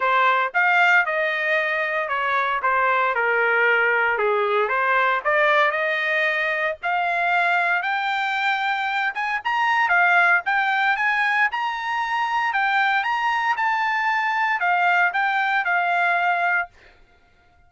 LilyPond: \new Staff \with { instrumentName = "trumpet" } { \time 4/4 \tempo 4 = 115 c''4 f''4 dis''2 | cis''4 c''4 ais'2 | gis'4 c''4 d''4 dis''4~ | dis''4 f''2 g''4~ |
g''4. gis''8 ais''4 f''4 | g''4 gis''4 ais''2 | g''4 ais''4 a''2 | f''4 g''4 f''2 | }